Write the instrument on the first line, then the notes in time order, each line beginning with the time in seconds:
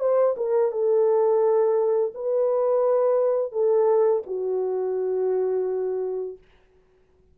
horn
0.00 C5
0.37 A#4
0.72 A4
2.15 B4
3.52 A4
4.27 F#4